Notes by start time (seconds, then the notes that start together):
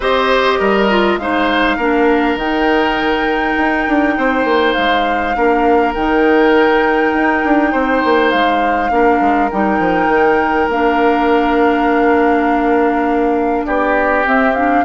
0.00 C4 G4 C5 D#5
0.59 G3 A#4
0.89 F4
1.17 G#3 D#4 C5 F5
1.76 A#3 D4 A#4
2.35 D#3 D#4 G5
3.57 D#4
3.87 D4
4.17 C4 C5
4.44 A#3
4.73 G#3 F5
5.35 A#3 D4 A#4
5.94 D#3 D#4 G5
7.13 D#4
7.44 D4
7.71 C4 C5
8.04 A#3
8.30 G#3 F5
8.90 A#3 D4 A#4
9.20 G#3
9.50 G3 D#4 G5
9.79 F3
10.07 D#3
10.68 A#3 D4 F5
13.65 B3 G4 D5
14.25 C4 E5
14.55 D4 F5